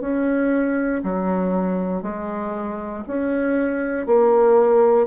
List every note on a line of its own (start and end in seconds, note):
0.00 1.02 C#4
1.03 2.02 F#3
2.02 3.04 G#3
3.07 4.06 C#4
4.06 5.07 A#3